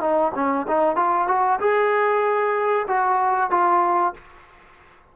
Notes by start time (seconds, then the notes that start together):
0.00 D#4
0.34 C#4
0.67 D#4
0.96 F4
1.27 F#4
1.60 G#4
2.87 F#4
3.50 F4